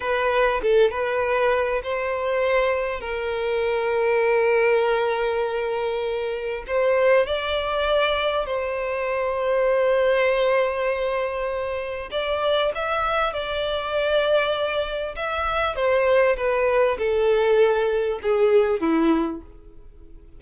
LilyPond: \new Staff \with { instrumentName = "violin" } { \time 4/4 \tempo 4 = 99 b'4 a'8 b'4. c''4~ | c''4 ais'2.~ | ais'2. c''4 | d''2 c''2~ |
c''1 | d''4 e''4 d''2~ | d''4 e''4 c''4 b'4 | a'2 gis'4 e'4 | }